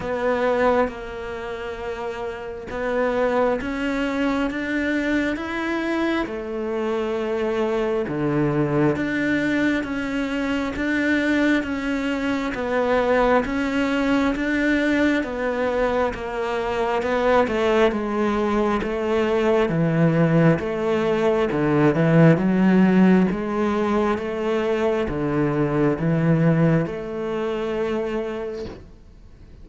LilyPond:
\new Staff \with { instrumentName = "cello" } { \time 4/4 \tempo 4 = 67 b4 ais2 b4 | cis'4 d'4 e'4 a4~ | a4 d4 d'4 cis'4 | d'4 cis'4 b4 cis'4 |
d'4 b4 ais4 b8 a8 | gis4 a4 e4 a4 | d8 e8 fis4 gis4 a4 | d4 e4 a2 | }